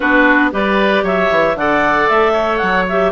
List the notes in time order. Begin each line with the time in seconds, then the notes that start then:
0.00 B3 D4 F#4 B4
0.51 G3 G4 B4 D5
1.03 F#3 C#5 E5
1.30 E3
1.55 D3 A4 D5 F#5
2.08 A3 E5
2.32 C#5
2.57 F#3 F#5
2.88 G4 E5